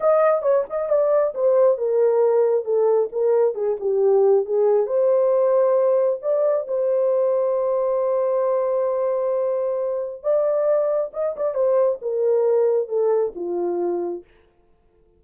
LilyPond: \new Staff \with { instrumentName = "horn" } { \time 4/4 \tempo 4 = 135 dis''4 cis''8 dis''8 d''4 c''4 | ais'2 a'4 ais'4 | gis'8 g'4. gis'4 c''4~ | c''2 d''4 c''4~ |
c''1~ | c''2. d''4~ | d''4 dis''8 d''8 c''4 ais'4~ | ais'4 a'4 f'2 | }